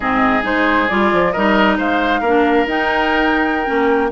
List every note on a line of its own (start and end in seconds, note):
0.00 0.44 G#2
0.00 0.42 C4
0.00 1.32 G#4
0.00 0.43 D#5
0.42 0.89 G#3
0.42 0.87 D#4
0.42 0.88 C5
0.88 1.12 G3
0.88 1.34 F4
0.88 1.31 D5
1.12 1.35 F3
1.31 1.79 G3
1.31 2.25 D#4
1.31 1.77 A#4
1.31 1.76 D#5
1.77 2.20 G#3
1.77 2.20 C5
1.77 2.68 F5
2.20 2.65 A#3
2.20 2.67 D4
2.20 4.09 A#4
2.66 3.66 D#4
2.66 3.65 D#4
2.66 4.11 G5
3.65 4.11 A#3
3.65 4.09 C#4